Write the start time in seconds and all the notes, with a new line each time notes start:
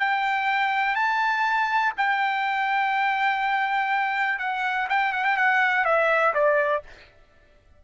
0.00 G5
0.96 A5
1.97 G5
4.39 F#5
4.89 G5
5.13 F#5
5.25 G5
5.37 F#5
5.85 E5
6.34 D5